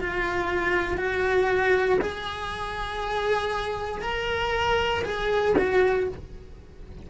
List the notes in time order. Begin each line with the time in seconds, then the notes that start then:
0.00 F4
0.97 F#4
2.01 G#4
4.01 A#4
5.04 G#4
5.58 F#4